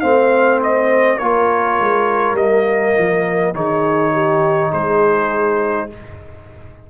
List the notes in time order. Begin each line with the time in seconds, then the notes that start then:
0.00 A3 C4 C5 F5
0.63 D#5
1.18 A#3 F4 A#4 C#5
1.80 G#3
2.32 G3 A#3 D#5
2.98 F3
3.53 D#3 D#4 G#4 C#5
4.12 G4
4.70 G#3 G#4 C5